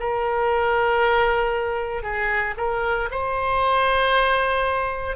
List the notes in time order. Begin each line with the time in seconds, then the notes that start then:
0.00 A#4
2.03 G#4
2.57 A#4
3.11 C5